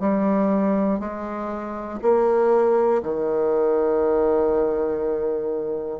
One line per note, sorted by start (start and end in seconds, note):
0.00 1.00 G3
1.00 2.00 G#3
2.03 3.03 A#3
3.03 6.00 D#3